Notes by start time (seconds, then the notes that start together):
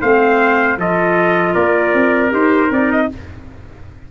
0.00 A3 C4 C5 F5
0.77 F3 F4 A4 D#5
1.54 A#3 A#4 D5
1.94 C4
2.29 D#4 G4 C5
2.70 C4 D#4 D5
2.91 D#5